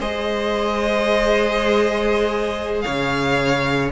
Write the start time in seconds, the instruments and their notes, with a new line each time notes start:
0.00 cello G#3, viola G#4, violin C5 D#5
2.82 cello C#3, violin C#5 F5